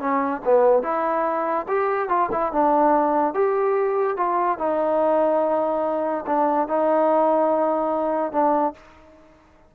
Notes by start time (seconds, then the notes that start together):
0.00 C#4
0.45 B3
0.83 E4
1.68 G4
2.09 F4
2.32 E4
2.52 D4
3.34 G4
4.17 F4
4.59 D#4
6.27 D4
6.68 D#4
8.32 D4